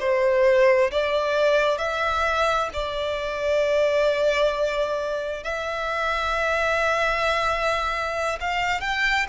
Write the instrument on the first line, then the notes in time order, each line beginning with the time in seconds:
violin
0.00 C5
0.91 D5
1.78 E5
2.73 D5
5.43 E5
8.40 F5
8.81 G5